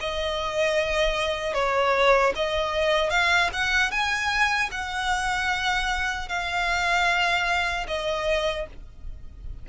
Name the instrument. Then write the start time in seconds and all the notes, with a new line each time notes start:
violin
0.00 D#5
1.54 C#5
2.35 D#5
3.10 F5
3.53 F#5
3.91 G#5
4.71 F#5
6.29 F5
7.87 D#5